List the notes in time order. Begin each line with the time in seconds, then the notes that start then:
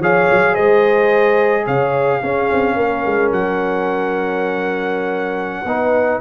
0.00 F3 G#4 C#5 F5
0.31 F#3
0.53 G#3 C5 D#5
1.65 C#3 C#5 F5
2.21 C#4 G#4
2.51 C4
2.76 A#3 A#4
3.06 G#3
3.31 F#3 F#5
5.64 B3 D#4 B4